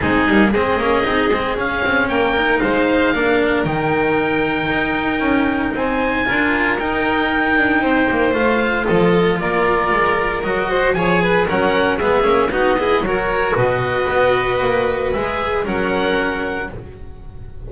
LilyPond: <<
  \new Staff \with { instrumentName = "oboe" } { \time 4/4 \tempo 4 = 115 gis'4 dis''2 f''4 | g''4 f''2 g''4~ | g''2. gis''4~ | gis''4 g''2. |
f''4 dis''4 d''2 | dis''4 gis''4 fis''4 e''4 | dis''4 cis''4 dis''2~ | dis''4 e''4 fis''2 | }
  \new Staff \with { instrumentName = "violin" } { \time 4/4 dis'4 gis'2. | ais'4 c''4 ais'2~ | ais'2. c''4 | ais'2. c''4~ |
c''4 a'4 ais'2~ | ais'8 c''8 cis''8 b'8 ais'4 gis'4 | fis'8 gis'8 ais'4 b'2~ | b'2 ais'2 | }
  \new Staff \with { instrumentName = "cello" } { \time 4/4 c'8 ais8 c'8 cis'8 dis'8 c'8 cis'4~ | cis'8 dis'4. d'4 dis'4~ | dis'1 | f'4 dis'2. |
f'1 | fis'4 gis'4 cis'4 b8 cis'8 | dis'8 e'8 fis'2.~ | fis'4 gis'4 cis'2 | }
  \new Staff \with { instrumentName = "double bass" } { \time 4/4 gis8 g8 gis8 ais8 c'8 gis8 cis'8 c'8 | ais4 gis4 ais4 dis4~ | dis4 dis'4 cis'4 c'4 | d'4 dis'4. d'8 c'8 ais8 |
a4 f4 ais4 gis4 | fis4 f4 fis4 gis8 ais8 | b4 fis4 b,4 b4 | ais4 gis4 fis2 | }
>>